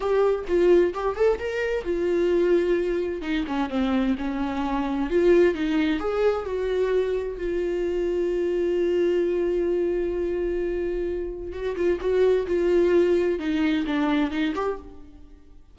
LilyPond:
\new Staff \with { instrumentName = "viola" } { \time 4/4 \tempo 4 = 130 g'4 f'4 g'8 a'8 ais'4 | f'2. dis'8 cis'8 | c'4 cis'2 f'4 | dis'4 gis'4 fis'2 |
f'1~ | f'1~ | f'4 fis'8 f'8 fis'4 f'4~ | f'4 dis'4 d'4 dis'8 g'8 | }